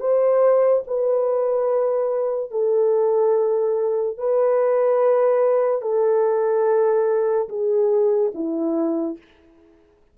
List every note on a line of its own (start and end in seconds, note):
0.00 0.83 C5
0.87 2.51 B4
2.51 4.17 A4
4.18 5.81 B4
5.81 7.48 A4
7.48 8.32 G#4
8.34 9.18 E4